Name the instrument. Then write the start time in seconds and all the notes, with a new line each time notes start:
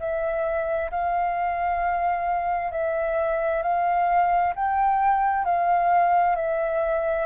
flute
0.00 E5
0.91 F5
2.72 E5
3.63 F5
4.56 G5
5.45 F5
6.36 E5